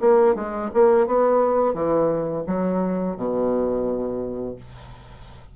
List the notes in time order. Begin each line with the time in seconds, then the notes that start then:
0.00 A#3
0.35 G#3
0.74 A#3
1.07 B3
1.74 E3
2.46 F#3
3.16 B2